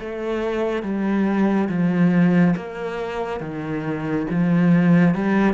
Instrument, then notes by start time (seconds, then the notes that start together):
cello
0.00 A3
0.83 G3
1.69 F3
2.56 A#3
3.41 D#3
4.31 F3
5.15 G3